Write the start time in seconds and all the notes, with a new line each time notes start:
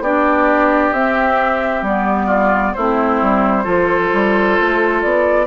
0.00 B3 D4 G4 D5
0.92 C4 E5
1.82 G3 B3 D5
2.26 F4
2.74 A3 C4 E4 C5
3.22 G3
3.64 F3 F4 A4
4.13 G3
4.60 A3
5.02 B3 D5